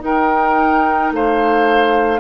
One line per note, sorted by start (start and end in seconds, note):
0.00 2.18 D#4
0.00 1.12 D#4
0.00 1.13 A#4
0.00 1.14 G5
1.12 2.20 A3
1.12 2.20 C5
1.12 2.20 F5